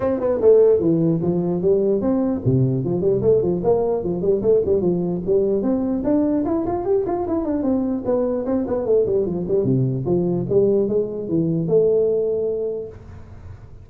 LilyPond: \new Staff \with { instrumentName = "tuba" } { \time 4/4 \tempo 4 = 149 c'8 b8 a4 e4 f4 | g4 c'4 c4 f8 g8 | a8 f8 ais4 f8 g8 a8 g8 | f4 g4 c'4 d'4 |
e'8 f'8 g'8 f'8 e'8 d'8 c'4 | b4 c'8 b8 a8 g8 f8 g8 | c4 f4 g4 gis4 | e4 a2. | }